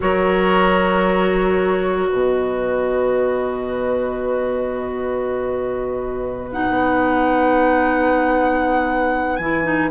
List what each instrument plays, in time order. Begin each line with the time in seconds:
0.00 bassoon F#3, clarinet F#4, oboe A#4, flute C#5
2.08 bassoon B2, oboe B4, flute D#5
6.52 clarinet D#4, flute F#5
6.68 bassoon B3
9.36 bassoon E3, clarinet E4, flute G#5
9.63 clarinet D#4